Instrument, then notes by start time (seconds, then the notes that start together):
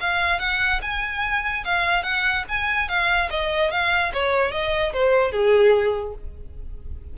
violin
0.00 F5
0.39 F#5
0.82 G#5
1.64 F5
2.03 F#5
2.48 G#5
2.88 F5
3.30 D#5
3.71 F5
4.13 C#5
4.51 D#5
4.93 C5
5.31 G#4